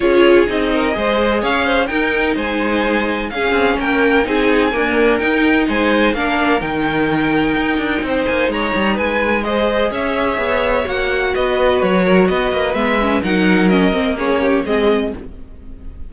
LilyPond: <<
  \new Staff \with { instrumentName = "violin" } { \time 4/4 \tempo 4 = 127 cis''4 dis''2 f''4 | g''4 gis''2 f''4 | g''4 gis''2 g''4 | gis''4 f''4 g''2~ |
g''4. gis''8 ais''4 gis''4 | dis''4 e''2 fis''4 | dis''4 cis''4 dis''4 e''4 | fis''4 dis''4 cis''4 dis''4 | }
  \new Staff \with { instrumentName = "violin" } { \time 4/4 gis'4. ais'8 c''4 cis''8 c''8 | ais'4 c''2 gis'4 | ais'4 gis'4 ais'2 | c''4 ais'2.~ |
ais'4 c''4 cis''4 b'4 | c''4 cis''2. | b'4. ais'8 b'2 | ais'2 gis'8 g'8 gis'4 | }
  \new Staff \with { instrumentName = "viola" } { \time 4/4 f'4 dis'4 gis'2 | dis'2. cis'4~ | cis'4 dis'4 ais4 dis'4~ | dis'4 d'4 dis'2~ |
dis'1 | gis'2. fis'4~ | fis'2. b8 cis'8 | dis'4 cis'8 c'8 cis'4 c'4 | }
  \new Staff \with { instrumentName = "cello" } { \time 4/4 cis'4 c'4 gis4 cis'4 | dis'4 gis2 cis'8 c'8 | ais4 c'4 d'4 dis'4 | gis4 ais4 dis2 |
dis'8 d'8 c'8 ais8 gis8 g8 gis4~ | gis4 cis'4 b4 ais4 | b4 fis4 b8 ais8 gis4 | fis4. ais4. gis4 | }
>>